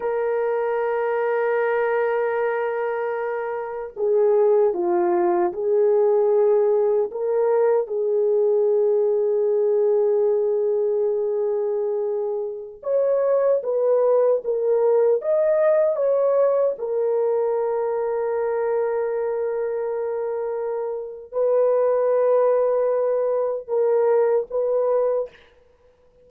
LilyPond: \new Staff \with { instrumentName = "horn" } { \time 4/4 \tempo 4 = 76 ais'1~ | ais'4 gis'4 f'4 gis'4~ | gis'4 ais'4 gis'2~ | gis'1~ |
gis'16 cis''4 b'4 ais'4 dis''8.~ | dis''16 cis''4 ais'2~ ais'8.~ | ais'2. b'4~ | b'2 ais'4 b'4 | }